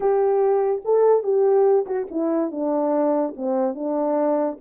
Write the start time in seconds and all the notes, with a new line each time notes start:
0.00 G4
0.84 A4
1.23 G4
1.86 F#4
2.10 E4
2.51 D4
3.36 C4
3.74 D4